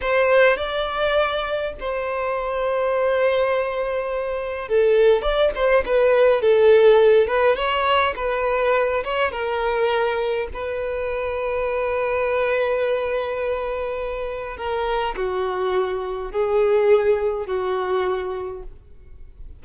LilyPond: \new Staff \with { instrumentName = "violin" } { \time 4/4 \tempo 4 = 103 c''4 d''2 c''4~ | c''1 | a'4 d''8 c''8 b'4 a'4~ | a'8 b'8 cis''4 b'4. cis''8 |
ais'2 b'2~ | b'1~ | b'4 ais'4 fis'2 | gis'2 fis'2 | }